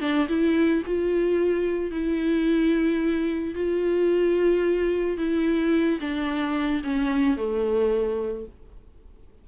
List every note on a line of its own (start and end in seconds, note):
0.00 0.27 D4
0.28 0.83 E4
0.86 1.91 F4
1.91 3.55 E4
3.55 5.17 F4
5.17 5.99 E4
6.00 6.82 D4
6.84 7.37 C#4
7.37 8.46 A3